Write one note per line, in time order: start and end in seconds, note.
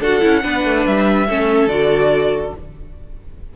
0.00 0.21 D4
0.00 0.21 F#4
0.00 0.42 A4
0.00 0.86 F#5
0.21 0.44 C#4
0.21 0.42 E4
0.42 0.65 B3
0.42 1.27 D4
0.42 1.27 B4
0.65 0.86 A3
0.86 1.28 G3
0.86 1.68 E5
1.28 1.67 A3
1.28 1.69 C#4
1.28 2.56 A4
1.67 2.51 D3
1.67 2.54 F#4
1.67 2.53 D5